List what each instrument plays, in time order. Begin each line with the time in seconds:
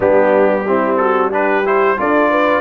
0.00 tuba G3, trombone B3, horn D4, trumpet G4
0.67 trombone C4, horn E4
0.96 horn F#4, trumpet A4
1.30 trombone D4, horn G4, trumpet B4
1.65 trombone E4, trumpet C5
1.97 tuba D4, trombone F4, horn A4, trumpet D5
2.30 horn B4